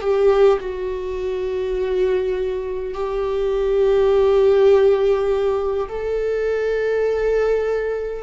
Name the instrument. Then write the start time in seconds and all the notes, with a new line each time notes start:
viola
0.00 G4
0.59 F#4
2.94 G4
5.88 A4